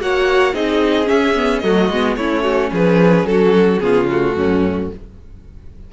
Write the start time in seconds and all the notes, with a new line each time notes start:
0.00 A#3 F#4 C#5 F#5
0.53 C4 D#4 G#4 D#5
1.05 C#4 E5
1.11 C#4
1.36 B3
1.59 F#3 A3 F#4 D#5
1.89 G#3 B3
2.16 A3 C#4 E4 C#5
2.42 F#4
2.72 F3 G#4 B4
3.24 F#3 A4
3.31 F#4
3.79 C#3 B3 F4 G#4
4.11 A3 F#4
4.35 F#2 C#4